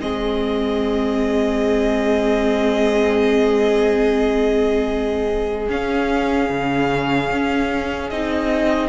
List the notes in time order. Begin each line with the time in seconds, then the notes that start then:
0.00 G#3 C4 G#4 D#5
5.69 C#4 F5
6.49 C#3
7.31 C#4
8.10 C4 D#4 D#5